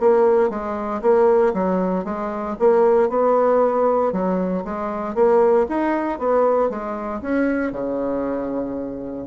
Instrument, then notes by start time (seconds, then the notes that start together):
bassoon
0.00 A#3
0.49 G#3
1.02 A#3
1.54 F#3
2.05 G#3
2.59 A#3
3.09 B3
4.12 F#3
4.65 G#3
5.15 A#3
5.68 D#4
6.19 B3
6.70 G#3
7.22 C#4
7.72 C#3